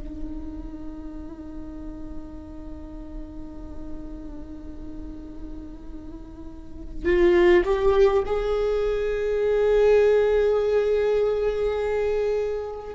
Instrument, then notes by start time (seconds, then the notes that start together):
viola
0.00 D#4
7.05 F4
7.65 G4
8.26 G#4